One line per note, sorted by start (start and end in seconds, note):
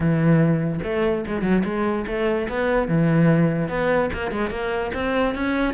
0.00 0.79 E3
0.83 1.24 A3
1.27 1.42 G#3
1.42 1.62 F#3
1.64 2.05 G#3
2.06 2.48 A3
2.48 2.87 B3
2.87 3.68 E3
3.68 4.09 B3
4.13 4.31 A#3
4.31 4.50 G#3
4.50 4.91 A#3
4.94 5.34 C4
5.34 5.74 C#4